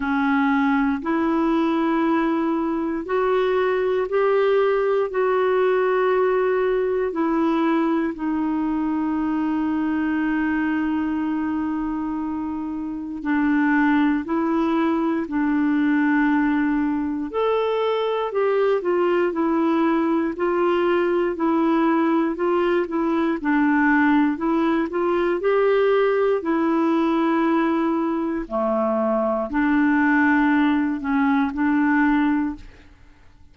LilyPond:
\new Staff \with { instrumentName = "clarinet" } { \time 4/4 \tempo 4 = 59 cis'4 e'2 fis'4 | g'4 fis'2 e'4 | dis'1~ | dis'4 d'4 e'4 d'4~ |
d'4 a'4 g'8 f'8 e'4 | f'4 e'4 f'8 e'8 d'4 | e'8 f'8 g'4 e'2 | a4 d'4. cis'8 d'4 | }